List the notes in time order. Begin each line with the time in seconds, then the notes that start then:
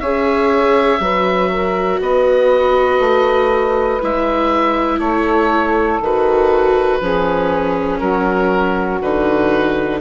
0.00 C#4 G#4 C#5 E5
1.00 F#3 F#4 B4
1.51 A#4
2.00 B3 B4 D#5
3.00 A3
4.01 G#3 E4 E5
4.99 A3 A4 C#5
6.01 D#3 F#4 B4
7.01 F3 C#4 G#4
8.00 F#3 F#4 A#4
9.01 D3 D#4 B4